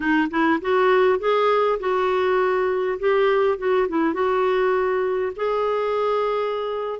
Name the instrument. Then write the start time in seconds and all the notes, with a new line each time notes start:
clarinet
0.00 D#4
0.30 E4
0.61 F#4
1.19 G#4
1.79 F#4
2.99 G4
3.58 F#4
3.88 E4
4.13 F#4
5.36 G#4